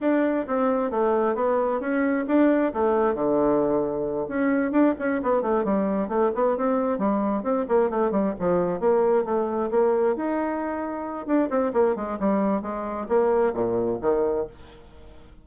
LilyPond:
\new Staff \with { instrumentName = "bassoon" } { \time 4/4 \tempo 4 = 133 d'4 c'4 a4 b4 | cis'4 d'4 a4 d4~ | d4. cis'4 d'8 cis'8 b8 | a8 g4 a8 b8 c'4 g8~ |
g8 c'8 ais8 a8 g8 f4 ais8~ | ais8 a4 ais4 dis'4.~ | dis'4 d'8 c'8 ais8 gis8 g4 | gis4 ais4 ais,4 dis4 | }